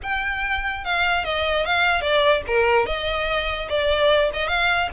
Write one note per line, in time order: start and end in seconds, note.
0.02 0.84 G5
0.84 1.24 F5
1.24 1.65 D#5
1.65 2.01 F5
2.01 2.42 D5
2.47 2.86 A#4
2.86 3.68 D#5
3.69 4.30 D5
4.33 4.48 D#5
4.48 4.89 F5